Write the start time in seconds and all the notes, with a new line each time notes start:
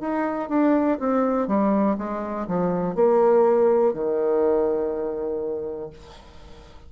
0.00 D#4
0.49 D4
0.99 C4
1.47 G3
1.97 G#3
2.47 F3
2.95 A#3
3.93 D#3